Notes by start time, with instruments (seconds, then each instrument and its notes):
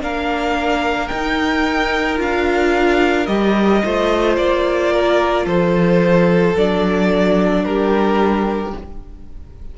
0.00 cello A#3, viola D4, violin A#4 F5
1.07 viola D#4, cello D#4, violin G5
2.17 cello D4, viola F4, violin F5
3.26 cello G3, viola G4, violin D#5
3.84 cello A3, viola F4, violin C5
4.36 cello A#3, violin D5
4.92 violin A#4
5.45 cello F3, violin A4 C5
6.55 cello F#3, viola D4, violin D5
7.64 cello G3, violin G4 A#4